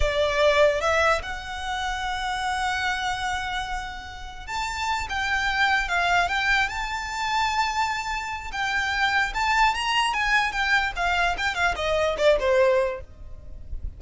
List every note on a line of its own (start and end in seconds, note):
0.00 0.81 D5
0.81 1.21 E5
1.22 4.46 F#5
4.46 5.07 A5
5.09 5.88 G5
5.88 6.28 F5
6.28 6.68 G5
6.68 8.51 A5
8.52 9.33 G5
9.34 9.74 A5
9.74 10.13 A#5
10.13 10.51 G#5
10.51 10.92 G5
10.96 11.36 F5
11.37 11.54 G5
11.54 11.75 F5
11.75 12.16 D#5
12.17 12.38 D5
12.39 13.00 C5